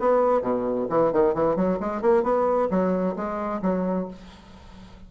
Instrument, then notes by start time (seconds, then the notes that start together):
bassoon
0.00 B3
0.42 B2
0.90 E3
1.13 D#3
1.35 E3
1.56 F#3
1.80 G#3
2.02 A#3
2.24 B3
2.70 F#3
3.16 G#3
3.62 F#3